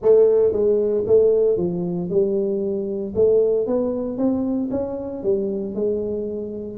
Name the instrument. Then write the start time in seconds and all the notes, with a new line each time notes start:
tuba
0.02 A3
0.52 G#3
1.06 A3
1.57 F3
2.09 G3
3.15 A3
3.66 B3
4.17 C4
4.71 C#4
5.23 G3
5.74 G#3